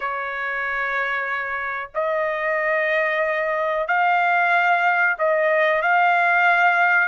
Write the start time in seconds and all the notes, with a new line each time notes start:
0.00 C#5
1.94 D#5
3.87 F5
5.18 D#5
5.82 F5